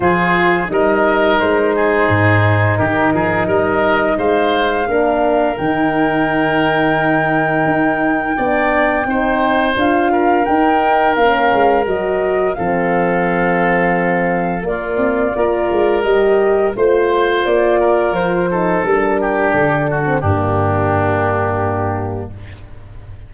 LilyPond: <<
  \new Staff \with { instrumentName = "flute" } { \time 4/4 \tempo 4 = 86 c''4 dis''4 c''2 | ais'4 dis''4 f''2 | g''1~ | g''2 f''4 g''4 |
f''4 dis''4 f''2~ | f''4 d''2 dis''4 | c''4 d''4 c''4 ais'4 | a'4 g'2. | }
  \new Staff \with { instrumentName = "oboe" } { \time 4/4 gis'4 ais'4. gis'4. | g'8 gis'8 ais'4 c''4 ais'4~ | ais'1 | d''4 c''4. ais'4.~ |
ais'2 a'2~ | a'4 f'4 ais'2 | c''4. ais'4 a'4 g'8~ | g'8 fis'8 d'2. | }
  \new Staff \with { instrumentName = "horn" } { \time 4/4 f'4 dis'2.~ | dis'2. d'4 | dis'1 | d'4 dis'4 f'4 dis'4 |
cis'4 fis'4 c'2~ | c'4 ais4 f'4 g'4 | f'2~ f'8 dis'8 d'4~ | d'8. c'16 ais2. | }
  \new Staff \with { instrumentName = "tuba" } { \time 4/4 f4 g4 gis4 gis,4 | dis8 f8 g4 gis4 ais4 | dis2. dis'4 | b4 c'4 d'4 dis'4 |
ais8 gis8 fis4 f2~ | f4 ais8 c'8 ais8 gis8 g4 | a4 ais4 f4 g4 | d4 g,2. | }
>>